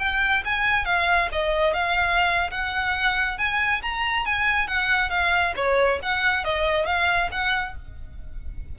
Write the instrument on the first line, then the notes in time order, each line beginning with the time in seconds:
violin
0.00 G5
0.45 G#5
0.86 F5
1.32 D#5
1.74 F5
2.51 F#5
3.38 G#5
3.83 A#5
4.26 G#5
4.68 F#5
5.10 F5
5.56 C#5
6.03 F#5
6.45 D#5
6.86 F5
7.32 F#5